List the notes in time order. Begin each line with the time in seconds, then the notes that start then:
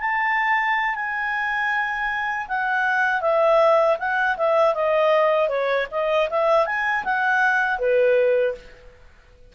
0.00 A5
0.95 G#5
2.48 F#5
3.21 E5
3.99 F#5
4.37 E5
4.74 D#5
5.49 C#5
5.91 D#5
6.30 E5
6.66 G#5
7.04 F#5
7.78 B4